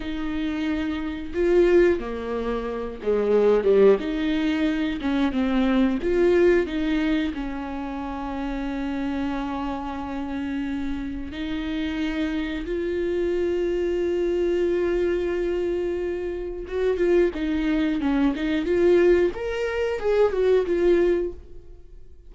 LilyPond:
\new Staff \with { instrumentName = "viola" } { \time 4/4 \tempo 4 = 90 dis'2 f'4 ais4~ | ais8 gis4 g8 dis'4. cis'8 | c'4 f'4 dis'4 cis'4~ | cis'1~ |
cis'4 dis'2 f'4~ | f'1~ | f'4 fis'8 f'8 dis'4 cis'8 dis'8 | f'4 ais'4 gis'8 fis'8 f'4 | }